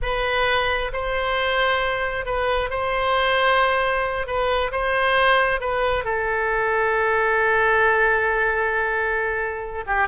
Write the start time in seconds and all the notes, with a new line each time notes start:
0.02 B4
0.93 C5
2.25 B4
2.70 C5
4.26 B4
4.71 C5
5.60 B4
6.04 A4
9.86 G4